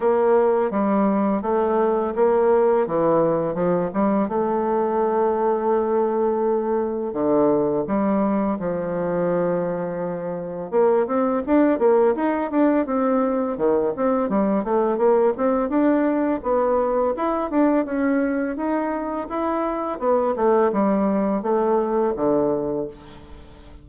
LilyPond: \new Staff \with { instrumentName = "bassoon" } { \time 4/4 \tempo 4 = 84 ais4 g4 a4 ais4 | e4 f8 g8 a2~ | a2 d4 g4 | f2. ais8 c'8 |
d'8 ais8 dis'8 d'8 c'4 dis8 c'8 | g8 a8 ais8 c'8 d'4 b4 | e'8 d'8 cis'4 dis'4 e'4 | b8 a8 g4 a4 d4 | }